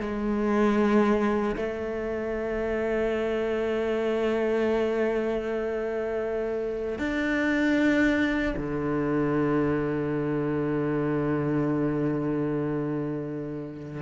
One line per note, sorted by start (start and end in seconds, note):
0.00 1.56 G#3
1.56 6.98 A3
6.98 8.54 D4
8.57 14.02 D3